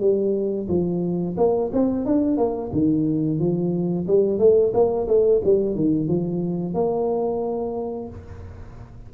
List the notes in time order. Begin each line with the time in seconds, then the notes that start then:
0.00 G3
0.68 F3
1.37 A#3
1.73 C4
2.06 D4
2.37 A#3
2.72 D#3
3.39 F3
4.07 G3
4.39 A3
4.74 A#3
5.08 A3
5.45 G3
5.75 D#3
6.08 F3
6.74 A#3